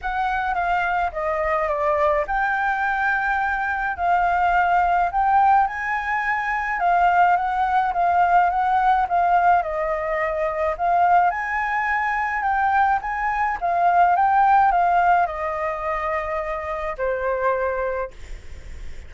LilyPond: \new Staff \with { instrumentName = "flute" } { \time 4/4 \tempo 4 = 106 fis''4 f''4 dis''4 d''4 | g''2. f''4~ | f''4 g''4 gis''2 | f''4 fis''4 f''4 fis''4 |
f''4 dis''2 f''4 | gis''2 g''4 gis''4 | f''4 g''4 f''4 dis''4~ | dis''2 c''2 | }